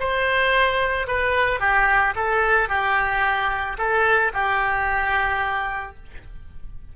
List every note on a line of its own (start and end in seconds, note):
0.00 1.08 C5
1.08 1.60 B4
1.60 2.14 G4
2.16 2.69 A4
2.69 3.77 G4
3.78 4.32 A4
4.34 5.96 G4